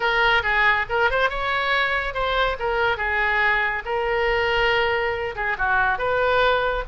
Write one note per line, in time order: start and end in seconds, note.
0.00 0.43 A#4
0.43 0.86 G#4
0.89 1.10 A#4
1.10 1.29 C5
1.29 2.14 C#5
2.14 2.56 C5
2.59 2.97 A#4
2.97 3.83 G#4
3.85 5.35 A#4
5.35 5.57 G#4
5.58 5.98 F#4
5.98 6.84 B4